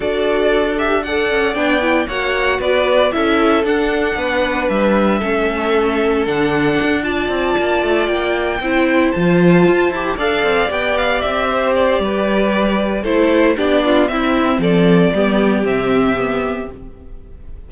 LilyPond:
<<
  \new Staff \with { instrumentName = "violin" } { \time 4/4 \tempo 4 = 115 d''4. e''8 fis''4 g''4 | fis''4 d''4 e''4 fis''4~ | fis''4 e''2. | fis''4. a''2 g''8~ |
g''4. a''2 f''8~ | f''8 g''8 f''8 e''4 d''4.~ | d''4 c''4 d''4 e''4 | d''2 e''2 | }
  \new Staff \with { instrumentName = "violin" } { \time 4/4 a'2 d''2 | cis''4 b'4 a'2 | b'2 a'2~ | a'4. d''2~ d''8~ |
d''8 c''2. d''8~ | d''2 c''4 b'4~ | b'4 a'4 g'8 f'8 e'4 | a'4 g'2. | }
  \new Staff \with { instrumentName = "viola" } { \time 4/4 fis'4. g'8 a'4 d'8 e'8 | fis'2 e'4 d'4~ | d'2 cis'2 | d'4. f'2~ f'8~ |
f'8 e'4 f'4. g'8 a'8~ | a'8 g'2.~ g'8~ | g'4 e'4 d'4 c'4~ | c'4 b4 c'4 b4 | }
  \new Staff \with { instrumentName = "cello" } { \time 4/4 d'2~ d'8 cis'8 b4 | ais4 b4 cis'4 d'4 | b4 g4 a2 | d4 d'4 c'8 ais8 a8 ais8~ |
ais8 c'4 f4 f'8 e'8 d'8 | c'8 b4 c'4. g4~ | g4 a4 b4 c'4 | f4 g4 c2 | }
>>